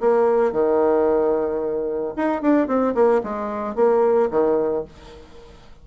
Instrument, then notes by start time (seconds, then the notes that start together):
bassoon
0.00 A#3
0.52 D#3
2.16 D#4
2.42 D4
2.67 C4
2.94 A#3
3.23 G#3
3.75 A#3
4.30 D#3